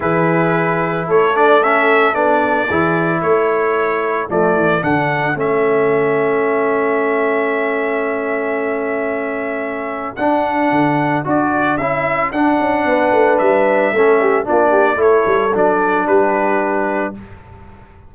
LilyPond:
<<
  \new Staff \with { instrumentName = "trumpet" } { \time 4/4 \tempo 4 = 112 b'2 cis''8 d''8 e''4 | d''2 cis''2 | d''4 fis''4 e''2~ | e''1~ |
e''2. fis''4~ | fis''4 d''4 e''4 fis''4~ | fis''4 e''2 d''4 | cis''4 d''4 b'2 | }
  \new Staff \with { instrumentName = "horn" } { \time 4/4 gis'2 a'2~ | a'4 gis'4 a'2~ | a'1~ | a'1~ |
a'1~ | a'1 | b'2 a'8 g'8 f'8 g'8 | a'2 g'2 | }
  \new Staff \with { instrumentName = "trombone" } { \time 4/4 e'2~ e'8 d'8 cis'4 | d'4 e'2. | a4 d'4 cis'2~ | cis'1~ |
cis'2. d'4~ | d'4 fis'4 e'4 d'4~ | d'2 cis'4 d'4 | e'4 d'2. | }
  \new Staff \with { instrumentName = "tuba" } { \time 4/4 e2 a2 | b4 e4 a2 | f8 e8 d4 a2~ | a1~ |
a2. d'4 | d4 d'4 cis'4 d'8 cis'8 | b8 a8 g4 a4 ais4 | a8 g8 fis4 g2 | }
>>